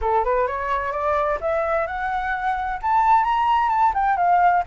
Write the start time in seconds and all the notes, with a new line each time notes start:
0.01 A4
0.24 B4
0.47 C#5
0.92 D5
1.40 E5
1.86 F#5
2.81 A5
3.24 A#5
3.69 A5
3.93 G5
4.16 F5